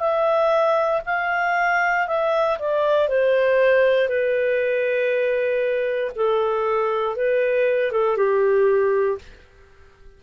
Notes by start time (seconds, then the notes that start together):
0.00 E5
1.06 F5
2.08 E5
2.59 D5
3.09 C5
4.09 B4
6.16 A4
7.16 B4
7.92 A4
8.17 G4